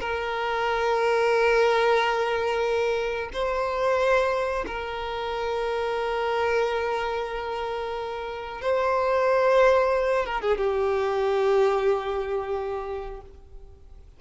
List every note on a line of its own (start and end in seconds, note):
0.00 3.30 A#4
3.33 4.65 C5
4.66 8.61 A#4
8.61 10.26 C5
10.26 10.41 A#4
10.41 10.57 G#4
10.57 13.21 G4